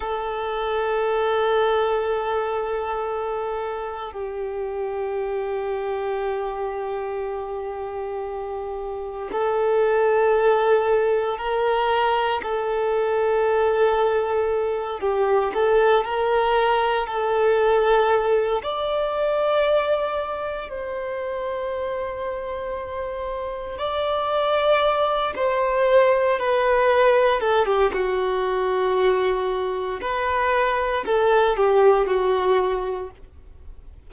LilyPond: \new Staff \with { instrumentName = "violin" } { \time 4/4 \tempo 4 = 58 a'1 | g'1~ | g'4 a'2 ais'4 | a'2~ a'8 g'8 a'8 ais'8~ |
ais'8 a'4. d''2 | c''2. d''4~ | d''8 c''4 b'4 a'16 g'16 fis'4~ | fis'4 b'4 a'8 g'8 fis'4 | }